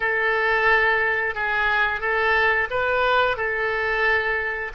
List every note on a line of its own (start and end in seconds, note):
0.00 1.34 A4
1.34 2.00 G#4
2.00 2.68 A4
2.70 3.36 B4
3.36 4.71 A4